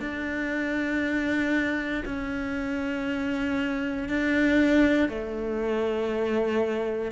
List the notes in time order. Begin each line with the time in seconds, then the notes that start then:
0.00 D4
2.05 C#4
4.09 D4
5.09 A3